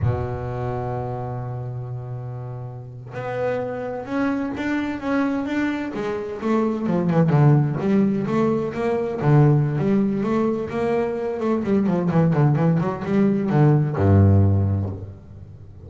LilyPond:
\new Staff \with { instrumentName = "double bass" } { \time 4/4 \tempo 4 = 129 b,1~ | b,2~ b,8. b4~ b16~ | b8. cis'4 d'4 cis'4 d'16~ | d'8. gis4 a4 f8 e8 d16~ |
d8. g4 a4 ais4 d16~ | d4 g4 a4 ais4~ | ais8 a8 g8 f8 e8 d8 e8 fis8 | g4 d4 g,2 | }